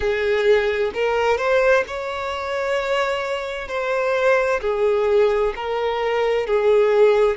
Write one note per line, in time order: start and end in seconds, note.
0.00 0.91 G#4
0.94 1.37 A#4
1.37 1.83 C5
1.87 3.68 C#5
3.68 4.60 C5
4.61 5.53 G#4
5.56 6.46 A#4
6.46 7.36 G#4